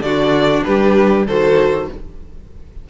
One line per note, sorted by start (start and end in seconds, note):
0.00 0.61 D3
0.00 1.24 D4
0.00 0.65 F#4
0.00 0.63 D5
0.63 1.27 G3
0.63 1.27 G4
0.63 1.25 B4
1.27 1.88 D#3
1.27 1.90 F#4
1.27 1.88 A4
1.27 1.89 C5